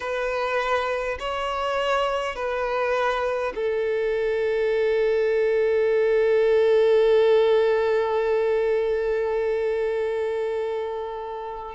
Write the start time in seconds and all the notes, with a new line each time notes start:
0.00 B4
1.19 C#5
2.35 B4
3.55 A4